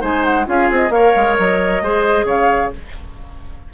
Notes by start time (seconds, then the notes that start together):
0.00 G#3 D#4 C5 G#5
0.24 F#5
0.45 C#4 F4 G#4 F5
0.71 C4 D#5
0.90 A#3 A#4 C#5 F5
1.16 G#3
1.38 F#3 D#5
1.82 G#3 G#4 C5
2.25 C#3 C#5 F5